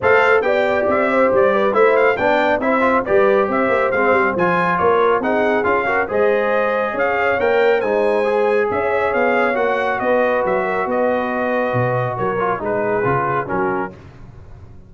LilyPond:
<<
  \new Staff \with { instrumentName = "trumpet" } { \time 4/4 \tempo 4 = 138 f''4 g''4 e''4 d''4 | e''8 f''8 g''4 e''4 d''4 | e''4 f''4 gis''4 cis''4 | fis''4 f''4 dis''2 |
f''4 g''4 gis''2 | e''4 f''4 fis''4 dis''4 | e''4 dis''2. | cis''4 b'2 ais'4 | }
  \new Staff \with { instrumentName = "horn" } { \time 4/4 c''4 d''4. c''4 b'8 | c''4 d''4 c''4 b'4 | c''2. ais'4 | gis'4. ais'8 c''2 |
cis''2 c''2 | cis''2. b'4~ | b'8 ais'8 b'2. | ais'4 gis'2 fis'4 | }
  \new Staff \with { instrumentName = "trombone" } { \time 4/4 a'4 g'2. | e'4 d'4 e'8 f'8 g'4~ | g'4 c'4 f'2 | dis'4 f'8 fis'8 gis'2~ |
gis'4 ais'4 dis'4 gis'4~ | gis'2 fis'2~ | fis'1~ | fis'8 f'8 dis'4 f'4 cis'4 | }
  \new Staff \with { instrumentName = "tuba" } { \time 4/4 a4 b4 c'4 g4 | a4 b4 c'4 g4 | c'8 ais8 gis8 g8 f4 ais4 | c'4 cis'4 gis2 |
cis'4 ais4 gis2 | cis'4 b4 ais4 b4 | fis4 b2 b,4 | fis4 gis4 cis4 fis4 | }
>>